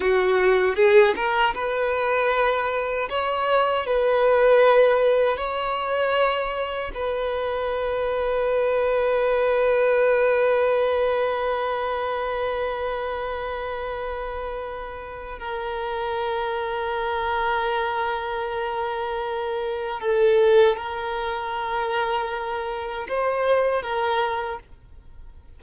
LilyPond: \new Staff \with { instrumentName = "violin" } { \time 4/4 \tempo 4 = 78 fis'4 gis'8 ais'8 b'2 | cis''4 b'2 cis''4~ | cis''4 b'2.~ | b'1~ |
b'1 | ais'1~ | ais'2 a'4 ais'4~ | ais'2 c''4 ais'4 | }